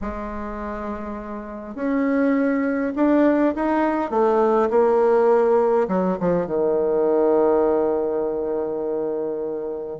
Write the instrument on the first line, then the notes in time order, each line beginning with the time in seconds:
bassoon
0.01 G#3
1.75 C#4
2.95 D4
3.55 D#4
4.10 A3
4.70 A#3
5.88 F#3
6.20 F3
6.46 D#3